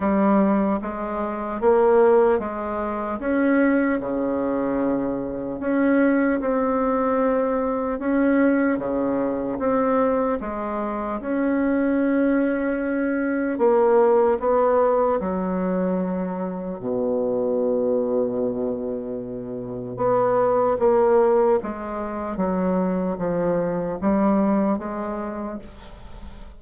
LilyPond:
\new Staff \with { instrumentName = "bassoon" } { \time 4/4 \tempo 4 = 75 g4 gis4 ais4 gis4 | cis'4 cis2 cis'4 | c'2 cis'4 cis4 | c'4 gis4 cis'2~ |
cis'4 ais4 b4 fis4~ | fis4 b,2.~ | b,4 b4 ais4 gis4 | fis4 f4 g4 gis4 | }